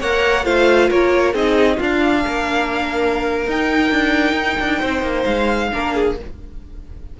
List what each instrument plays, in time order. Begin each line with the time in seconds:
0.00 cello A#3, viola A#4, violin C#5 F#5
0.44 cello A3, viola F4, violin C5 F5
0.89 cello A#3, violin A#4 C#5
1.34 cello C4, viola D#4, violin G#4 D#5
1.77 cello D4, viola D4, violin F4 F5
2.26 cello A#3, violin A#4
3.47 cello D#4, viola D#4, violin G5
3.91 cello D4
4.33 cello D#4
4.61 cello D4
4.80 cello C4, violin C5
5.02 cello A#3
5.25 cello G#3, violin F5
5.72 cello A#3, viola D4, violin A#4
5.95 violin G#4